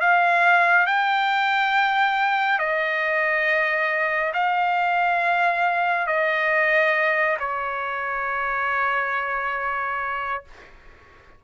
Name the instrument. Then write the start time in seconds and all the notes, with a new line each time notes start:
trumpet
0.00 F5
0.86 G5
2.58 D#5
4.33 F5
6.06 D#5
7.39 C#5